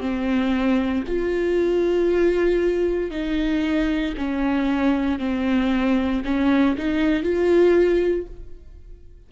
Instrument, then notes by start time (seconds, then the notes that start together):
viola
0.00 C4
1.07 F4
3.10 D#4
4.17 C#4
5.19 C4
6.24 C#4
6.77 D#4
7.23 F4